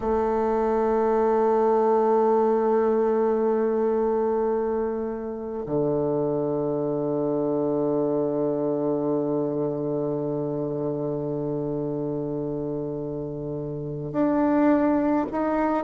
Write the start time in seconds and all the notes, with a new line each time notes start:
0.00 A3
5.66 D3
14.12 D4
15.31 D#4